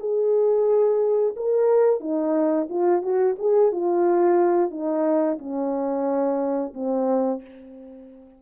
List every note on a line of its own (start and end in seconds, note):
0.00 1.35 G#4
1.37 2.00 A#4
2.00 2.68 D#4
2.70 3.02 F4
3.02 3.36 F#4
3.39 3.72 G#4
3.72 4.71 F4
4.71 5.38 D#4
5.39 6.74 C#4
6.74 7.42 C4